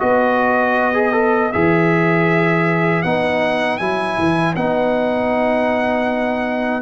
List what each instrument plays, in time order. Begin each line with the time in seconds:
0.00 tuba B3, trombone F#4, horn B4, trumpet D#5
0.94 trombone G#4
1.12 trombone A4
1.53 tuba E3, trombone G#4, trumpet E5
3.03 tuba B3, trombone D#4, trumpet F#5
3.78 tuba F#3, trombone E4, trumpet G#5
4.18 tuba E3
4.56 tuba B3, trombone D#4, trumpet F#5